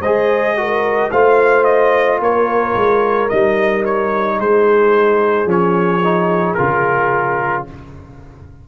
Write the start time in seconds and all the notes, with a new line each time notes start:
0.00 G#3 G#4 C5 D#5
0.57 F#4 A#4
1.10 A3 F4 C5 F5
1.64 D#5
2.20 A#3 A#4 C#5
2.75 G#3
3.29 G3 D#4 D#5
3.85 C#5
4.37 G#3 G#4 C5
5.45 F3 C#4 C#5
6.03 D#4
6.54 C#3 F4 A#4